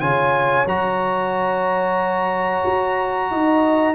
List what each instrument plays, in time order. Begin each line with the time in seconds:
0.00 tuba C#3, trombone F4, horn C#5, trumpet G#5
0.66 tuba F#3, trombone F#4, trumpet A#5
2.65 tuba F#4
3.31 tuba D#4, horn D#5